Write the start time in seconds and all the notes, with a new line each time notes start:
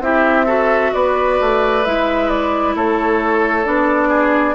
0.00 C4 E4 G4 E5
0.45 F#4 A4
0.93 B3 B4 D5
1.40 A3
1.84 G#3 E4 E5
2.29 D5
2.75 A3 A4 C#5
3.65 B3 D4 D5
4.09 G#4